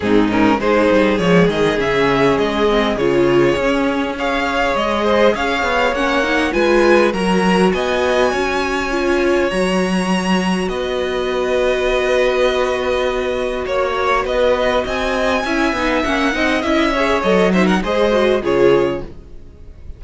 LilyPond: <<
  \new Staff \with { instrumentName = "violin" } { \time 4/4 \tempo 4 = 101 gis'8 ais'8 c''4 cis''8 dis''8 e''4 | dis''4 cis''2 f''4 | dis''4 f''4 fis''4 gis''4 | ais''4 gis''2. |
ais''2 dis''2~ | dis''2. cis''4 | dis''4 gis''2 fis''4 | e''4 dis''8 e''16 fis''16 dis''4 cis''4 | }
  \new Staff \with { instrumentName = "violin" } { \time 4/4 dis'4 gis'2.~ | gis'2. cis''4~ | cis''8 c''8 cis''2 b'4 | ais'4 dis''4 cis''2~ |
cis''2 b'2~ | b'2. cis''4 | b'4 dis''4 e''4. dis''8~ | dis''8 cis''4 c''16 ais'16 c''4 gis'4 | }
  \new Staff \with { instrumentName = "viola" } { \time 4/4 c'8 cis'8 dis'4 gis4 cis'4~ | cis'8 c'8 f'4 cis'4 gis'4~ | gis'2 cis'8 dis'8 f'4 | fis'2. f'4 |
fis'1~ | fis'1~ | fis'2 e'8 dis'8 cis'8 dis'8 | e'8 gis'8 a'8 dis'8 gis'8 fis'8 f'4 | }
  \new Staff \with { instrumentName = "cello" } { \time 4/4 gis,4 gis8 g8 f8 dis8 cis4 | gis4 cis4 cis'2 | gis4 cis'8 b8 ais4 gis4 | fis4 b4 cis'2 |
fis2 b2~ | b2. ais4 | b4 c'4 cis'8 b8 ais8 c'8 | cis'4 fis4 gis4 cis4 | }
>>